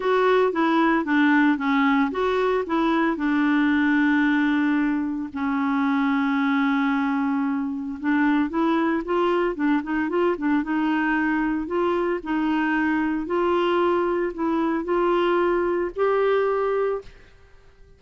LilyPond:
\new Staff \with { instrumentName = "clarinet" } { \time 4/4 \tempo 4 = 113 fis'4 e'4 d'4 cis'4 | fis'4 e'4 d'2~ | d'2 cis'2~ | cis'2. d'4 |
e'4 f'4 d'8 dis'8 f'8 d'8 | dis'2 f'4 dis'4~ | dis'4 f'2 e'4 | f'2 g'2 | }